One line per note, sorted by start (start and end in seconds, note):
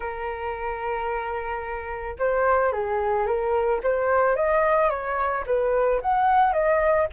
0.00 2.16 A#4
2.18 2.72 C5
2.72 3.26 G#4
3.26 3.81 A#4
3.83 4.36 C5
4.36 4.90 D#5
4.90 5.44 C#5
5.46 6.00 B4
6.01 6.52 F#5
6.52 7.07 D#5